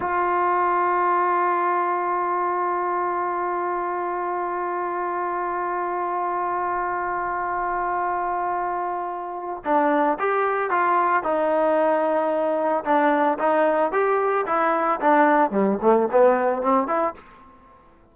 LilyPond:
\new Staff \with { instrumentName = "trombone" } { \time 4/4 \tempo 4 = 112 f'1~ | f'1~ | f'1~ | f'1~ |
f'2 d'4 g'4 | f'4 dis'2. | d'4 dis'4 g'4 e'4 | d'4 g8 a8 b4 c'8 e'8 | }